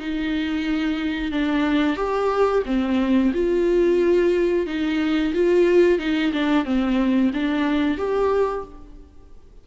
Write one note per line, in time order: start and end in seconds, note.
0.00 1.32 D#4
1.32 1.97 D4
1.97 2.63 G4
2.66 3.33 C4
3.34 4.67 F4
4.67 5.34 D#4
5.34 5.99 F4
5.99 6.32 D#4
6.33 6.65 D4
6.65 7.32 C4
7.34 7.98 D4
7.98 8.65 G4